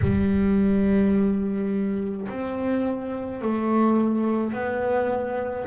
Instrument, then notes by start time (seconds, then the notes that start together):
double bass
0.01 G3
2.28 C4
3.41 A3
4.53 B3